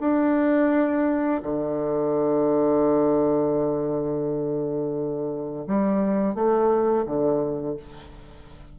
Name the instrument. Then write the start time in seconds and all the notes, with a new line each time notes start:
bassoon
0.00 D4
1.42 D3
5.67 G3
6.34 A3
7.06 D3